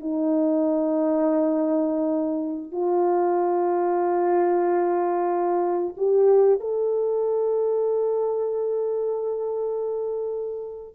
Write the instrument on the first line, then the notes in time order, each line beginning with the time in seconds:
horn
0.00 D#4
2.71 F4
5.97 G4
6.60 A4